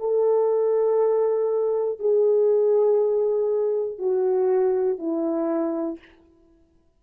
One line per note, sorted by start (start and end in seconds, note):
0.00 2.00 A4
2.00 3.99 G#4
3.99 4.99 F#4
4.99 5.99 E4